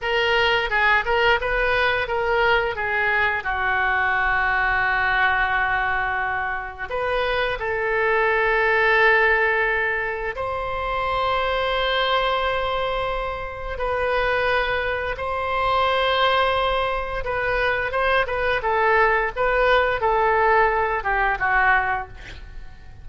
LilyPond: \new Staff \with { instrumentName = "oboe" } { \time 4/4 \tempo 4 = 87 ais'4 gis'8 ais'8 b'4 ais'4 | gis'4 fis'2.~ | fis'2 b'4 a'4~ | a'2. c''4~ |
c''1 | b'2 c''2~ | c''4 b'4 c''8 b'8 a'4 | b'4 a'4. g'8 fis'4 | }